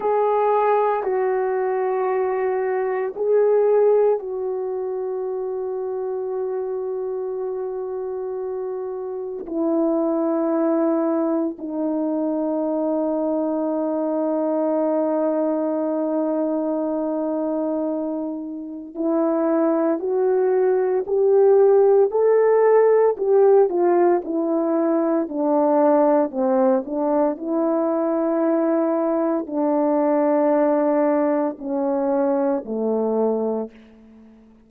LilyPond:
\new Staff \with { instrumentName = "horn" } { \time 4/4 \tempo 4 = 57 gis'4 fis'2 gis'4 | fis'1~ | fis'4 e'2 dis'4~ | dis'1~ |
dis'2 e'4 fis'4 | g'4 a'4 g'8 f'8 e'4 | d'4 c'8 d'8 e'2 | d'2 cis'4 a4 | }